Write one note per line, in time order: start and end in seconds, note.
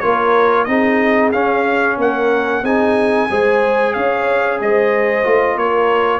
0.00 0.68 A#3
0.00 0.67 F4
0.00 0.67 A#4
0.00 0.64 C#5
0.64 1.33 C4
0.64 1.32 D#4
0.64 1.98 G#4
0.64 1.30 D#5
1.32 1.97 C#4
1.32 2.63 C#4
1.32 1.97 F5
1.97 2.62 A#3
1.97 2.62 A#4
1.97 2.65 F#5
2.62 3.28 C4
2.62 3.29 D#4
2.62 3.28 G#4
2.62 3.93 G#5
3.30 3.95 G#3
3.30 5.24 G#4
3.30 3.95 C5
3.93 4.60 C#4
3.93 4.60 C#5
3.93 4.59 F5
4.60 5.25 G#3
4.60 5.58 C5
4.60 5.58 D#5
5.24 5.56 A3
5.24 6.19 F4
5.56 6.19 A#3
5.56 6.19 A#4
5.56 6.19 C#5